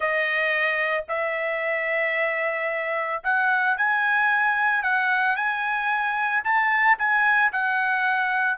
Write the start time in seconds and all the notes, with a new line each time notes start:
0.00 D#5
1.08 E5
3.23 F#5
3.77 G#5
4.82 F#5
5.36 G#5
6.44 A5
6.98 G#5
7.52 F#5